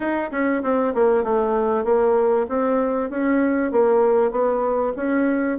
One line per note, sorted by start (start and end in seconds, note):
0.00 0.30 D#4
0.31 0.62 C#4
0.62 0.93 C4
0.94 1.23 A#3
1.23 1.84 A3
1.84 2.46 A#3
2.48 3.10 C4
3.10 3.71 C#4
3.71 4.31 A#3
4.31 4.93 B3
4.96 5.58 C#4